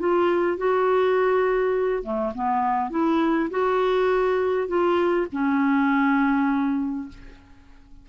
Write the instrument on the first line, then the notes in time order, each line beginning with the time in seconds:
clarinet
0.00 F4
0.58 F#4
2.04 A3
2.35 B3
2.91 E4
3.51 F#4
4.68 F4
5.33 C#4